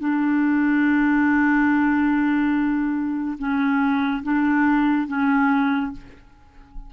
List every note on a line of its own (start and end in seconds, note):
0.00 3.38 D4
3.39 4.23 C#4
4.24 5.08 D4
5.08 5.93 C#4